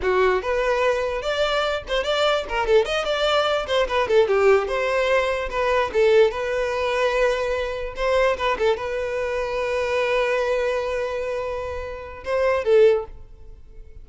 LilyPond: \new Staff \with { instrumentName = "violin" } { \time 4/4 \tempo 4 = 147 fis'4 b'2 d''4~ | d''8 c''8 d''4 ais'8 a'8 dis''8 d''8~ | d''4 c''8 b'8 a'8 g'4 c''8~ | c''4. b'4 a'4 b'8~ |
b'2.~ b'8 c''8~ | c''8 b'8 a'8 b'2~ b'8~ | b'1~ | b'2 c''4 a'4 | }